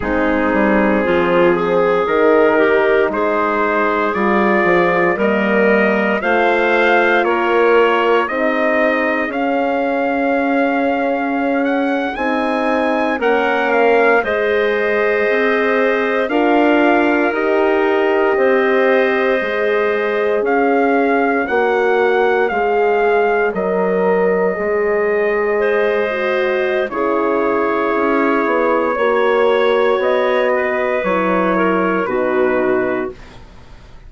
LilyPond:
<<
  \new Staff \with { instrumentName = "trumpet" } { \time 4/4 \tempo 4 = 58 gis'2 ais'4 c''4 | d''4 dis''4 f''4 cis''4 | dis''4 f''2~ f''16 fis''8 gis''16~ | gis''8. fis''8 f''8 dis''2 f''16~ |
f''8. dis''2. f''16~ | f''8. fis''4 f''4 dis''4~ dis''16~ | dis''2 cis''2~ | cis''4 dis''4 cis''4 b'4 | }
  \new Staff \with { instrumentName = "clarinet" } { \time 4/4 dis'4 f'8 gis'4 g'8 gis'4~ | gis'4 ais'4 c''4 ais'4 | gis'1~ | gis'8. ais'4 c''2 ais'16~ |
ais'4.~ ais'16 c''2 cis''16~ | cis''1~ | cis''8. c''4~ c''16 gis'2 | cis''4. b'4 ais'8 fis'4 | }
  \new Staff \with { instrumentName = "horn" } { \time 4/4 c'2 dis'2 | f'4 ais4 f'2 | dis'4 cis'2~ cis'8. dis'16~ | dis'8. cis'4 gis'2 f'16~ |
f'8. g'2 gis'4~ gis'16~ | gis'8. fis'4 gis'4 ais'4 gis'16~ | gis'4~ gis'16 fis'8. e'2 | fis'2 e'4 dis'4 | }
  \new Staff \with { instrumentName = "bassoon" } { \time 4/4 gis8 g8 f4 dis4 gis4 | g8 f8 g4 a4 ais4 | c'4 cis'2~ cis'8. c'16~ | c'8. ais4 gis4 c'4 d'16~ |
d'8. dis'4 c'4 gis4 cis'16~ | cis'8. ais4 gis4 fis4 gis16~ | gis2 cis4 cis'8 b8 | ais4 b4 fis4 b,4 | }
>>